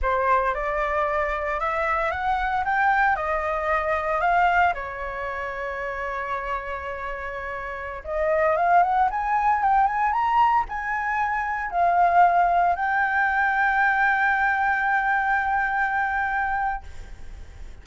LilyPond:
\new Staff \with { instrumentName = "flute" } { \time 4/4 \tempo 4 = 114 c''4 d''2 e''4 | fis''4 g''4 dis''2 | f''4 cis''2.~ | cis''2.~ cis''16 dis''8.~ |
dis''16 f''8 fis''8 gis''4 g''8 gis''8 ais''8.~ | ais''16 gis''2 f''4.~ f''16~ | f''16 g''2.~ g''8.~ | g''1 | }